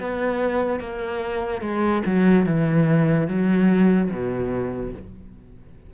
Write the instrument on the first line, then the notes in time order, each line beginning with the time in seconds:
cello
0.00 B3
0.80 A#3
1.61 G#3
2.06 F#3
2.46 E3
3.28 F#3
4.11 B2